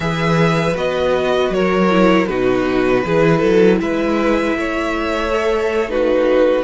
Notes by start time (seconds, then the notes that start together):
0.00 E3 G#4 B4 E5
0.75 B3 F#4 D#5
1.49 F#3 A#4 C#5
1.89 E4
2.26 B2 D#4 F#4 B4
3.04 E3 E4 G#4
3.38 F#3 A4
3.79 G#3 B4 E5
4.55 A3 C#5
5.30 A4
5.88 D#4 F#4 B4